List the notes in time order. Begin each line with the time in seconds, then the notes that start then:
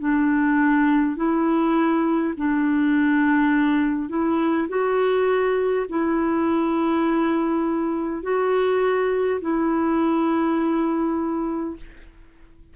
0.00 D4
1.17 E4
2.37 D4
4.09 E4
4.69 F#4
5.89 E4
8.23 F#4
9.41 E4